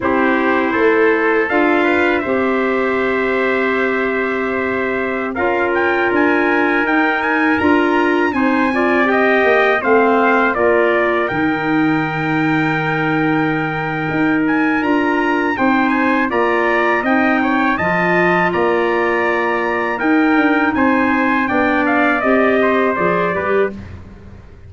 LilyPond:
<<
  \new Staff \with { instrumentName = "trumpet" } { \time 4/4 \tempo 4 = 81 c''2 f''4 e''4~ | e''2.~ e''16 f''8 g''16~ | g''16 gis''4 g''8 gis''8 ais''4 gis''8.~ | gis''16 g''4 f''4 d''4 g''8.~ |
g''2.~ g''8 gis''8 | ais''4 g''8 gis''8 ais''4 g''4 | a''4 ais''2 g''4 | gis''4 g''8 f''8 dis''4 d''4 | }
  \new Staff \with { instrumentName = "trumpet" } { \time 4/4 g'4 a'4. b'8 c''4~ | c''2.~ c''16 ais'8.~ | ais'2.~ ais'16 c''8 d''16~ | d''16 dis''4 c''4 ais'4.~ ais'16~ |
ais'1~ | ais'4 c''4 d''4 dis''8 cis''8 | dis''4 d''2 ais'4 | c''4 d''4. c''4 b'8 | }
  \new Staff \with { instrumentName = "clarinet" } { \time 4/4 e'2 f'4 g'4~ | g'2.~ g'16 f'8.~ | f'4~ f'16 dis'4 f'4 dis'8 f'16~ | f'16 g'4 c'4 f'4 dis'8.~ |
dis'1 | f'4 dis'4 f'4 dis'4 | f'2. dis'4~ | dis'4 d'4 g'4 gis'8 g'8 | }
  \new Staff \with { instrumentName = "tuba" } { \time 4/4 c'4 a4 d'4 c'4~ | c'2.~ c'16 cis'8.~ | cis'16 d'4 dis'4 d'4 c'8.~ | c'8. ais8 a4 ais4 dis8.~ |
dis2. dis'4 | d'4 c'4 ais4 c'4 | f4 ais2 dis'8 d'8 | c'4 b4 c'4 f8 g8 | }
>>